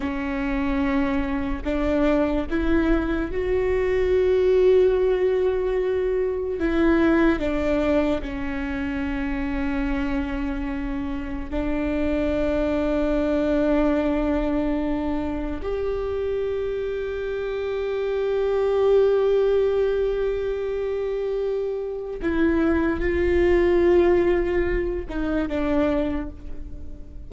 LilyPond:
\new Staff \with { instrumentName = "viola" } { \time 4/4 \tempo 4 = 73 cis'2 d'4 e'4 | fis'1 | e'4 d'4 cis'2~ | cis'2 d'2~ |
d'2. g'4~ | g'1~ | g'2. e'4 | f'2~ f'8 dis'8 d'4 | }